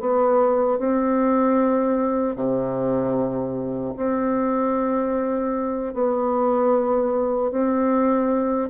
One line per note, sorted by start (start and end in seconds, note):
0.00 0.79 B3
0.79 2.36 C4
2.36 3.94 C3
3.97 5.94 C4
5.94 7.51 B3
7.51 8.69 C4